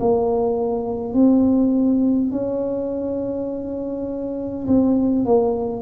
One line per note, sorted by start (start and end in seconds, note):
0.00 1.14 A#3
1.14 2.32 C4
2.32 4.67 C#4
4.67 5.26 C4
5.26 5.82 A#3